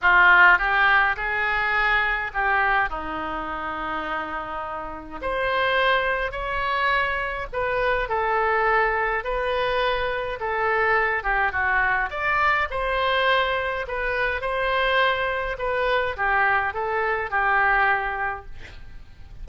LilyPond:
\new Staff \with { instrumentName = "oboe" } { \time 4/4 \tempo 4 = 104 f'4 g'4 gis'2 | g'4 dis'2.~ | dis'4 c''2 cis''4~ | cis''4 b'4 a'2 |
b'2 a'4. g'8 | fis'4 d''4 c''2 | b'4 c''2 b'4 | g'4 a'4 g'2 | }